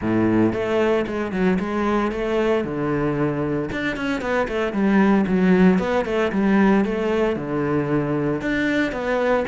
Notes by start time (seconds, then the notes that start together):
0.01 A2
0.52 A3
1.06 G#3
1.32 F#3
1.59 G#3
2.11 A3
2.64 D3
3.72 D4
3.96 C#4
4.21 B3
4.48 A3
4.72 G3
5.26 F#3
5.78 B3
6.05 A3
6.32 G3
6.84 A3
7.35 D3
8.41 D4
8.92 B3